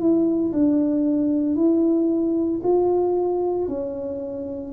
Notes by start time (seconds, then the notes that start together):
0.00 E4
0.53 D4
1.56 E4
2.64 F4
3.68 C#4